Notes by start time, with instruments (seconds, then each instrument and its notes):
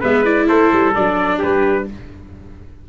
0.00 tuba G#3, viola B3, trumpet B4 E5
0.24 viola E4, trumpet D5
0.48 tuba A3, trumpet A4 C5
0.72 tuba G3
0.95 tuba F#3, viola D4, trumpet D5
1.38 tuba G3, trumpet G4 B4